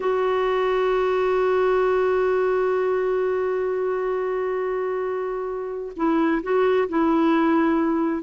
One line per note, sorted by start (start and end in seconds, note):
0.00 5.93 F#4
5.96 6.42 E4
6.42 6.88 F#4
6.88 8.23 E4